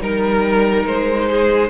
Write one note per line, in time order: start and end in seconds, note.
0.00 0.85 G3
0.00 1.69 D#4
0.00 0.86 A#4
0.00 1.29 A#4
0.85 1.69 G#3
0.85 1.69 C5
1.30 1.69 G#4